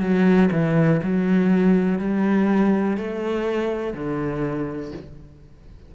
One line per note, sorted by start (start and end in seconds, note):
0.00 0.49 F#3
0.51 1.00 E3
1.03 1.99 F#3
1.99 2.97 G3
2.97 3.93 A3
3.93 4.92 D3